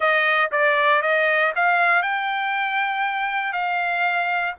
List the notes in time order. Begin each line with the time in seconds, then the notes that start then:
0.00 D#5
0.51 D5
1.02 D#5
1.55 F5
2.02 G5
3.52 F5